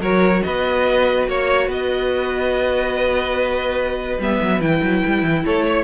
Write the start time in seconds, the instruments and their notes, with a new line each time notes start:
0.00 cello F#3, viola F#4, violin A#4 C#5
0.43 cello B3, violin B4 D#5
1.27 cello A#3, violin C#5
1.67 cello B3, violin B4 D#5
4.18 cello G3, viola B3, violin E5
4.41 cello F#3
4.60 cello E3, viola E4, violin G5
4.82 cello F#3
5.06 cello G3
5.22 cello E3
5.45 cello A3, violin A4 C#5
5.67 violin C#5